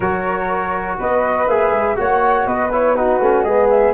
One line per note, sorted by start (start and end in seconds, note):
0.00 0.98 F#3
0.00 1.48 F#4
0.00 0.96 A#4
0.00 0.98 C#5
0.98 1.47 B3
0.98 1.96 B4
0.98 1.48 D#5
1.47 1.70 A#3
1.47 1.95 G#4
1.47 1.97 E5
1.70 1.95 G#3
1.95 2.46 A#3
1.95 2.69 F#4
1.95 2.47 C#5
1.95 2.46 F#5
2.46 3.20 B3
2.46 2.95 B4
2.46 2.71 D#5
2.72 2.96 E4
2.72 2.95 C#5
2.95 3.21 D#4
2.95 3.44 F#4
2.95 3.42 B4
3.20 3.43 A3
3.20 3.46 C#4
3.42 3.92 G#3
3.42 3.93 B3
3.42 3.93 G#4
3.42 3.67 D#5
3.69 3.93 E5